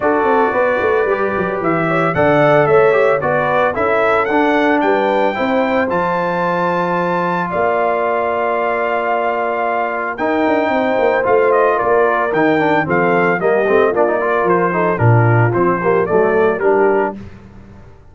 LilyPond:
<<
  \new Staff \with { instrumentName = "trumpet" } { \time 4/4 \tempo 4 = 112 d''2. e''4 | fis''4 e''4 d''4 e''4 | fis''4 g''2 a''4~ | a''2 f''2~ |
f''2. g''4~ | g''4 f''8 dis''8 d''4 g''4 | f''4 dis''4 d''4 c''4 | ais'4 c''4 d''4 ais'4 | }
  \new Staff \with { instrumentName = "horn" } { \time 4/4 a'4 b'2~ b'8 cis''8 | d''4 cis''4 b'4 a'4~ | a'4 b'4 c''2~ | c''2 d''2~ |
d''2. ais'4 | c''2 ais'2 | a'4 g'4 f'8 ais'4 a'8 | f'4. g'8 a'4 g'4 | }
  \new Staff \with { instrumentName = "trombone" } { \time 4/4 fis'2 g'2 | a'4. g'8 fis'4 e'4 | d'2 e'4 f'4~ | f'1~ |
f'2. dis'4~ | dis'4 f'2 dis'8 d'8 | c'4 ais8 c'8 d'16 dis'16 f'4 dis'8 | d'4 c'8 ais8 a4 d'4 | }
  \new Staff \with { instrumentName = "tuba" } { \time 4/4 d'8 c'8 b8 a8 g8 fis8 e4 | d4 a4 b4 cis'4 | d'4 g4 c'4 f4~ | f2 ais2~ |
ais2. dis'8 d'8 | c'8 ais8 a4 ais4 dis4 | f4 g8 a8 ais4 f4 | ais,4 f4 fis4 g4 | }
>>